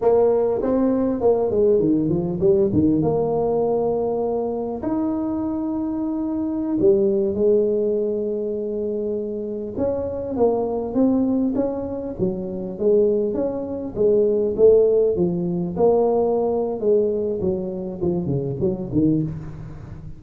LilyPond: \new Staff \with { instrumentName = "tuba" } { \time 4/4 \tempo 4 = 100 ais4 c'4 ais8 gis8 dis8 f8 | g8 dis8 ais2. | dis'2.~ dis'16 g8.~ | g16 gis2.~ gis8.~ |
gis16 cis'4 ais4 c'4 cis'8.~ | cis'16 fis4 gis4 cis'4 gis8.~ | gis16 a4 f4 ais4.~ ais16 | gis4 fis4 f8 cis8 fis8 dis8 | }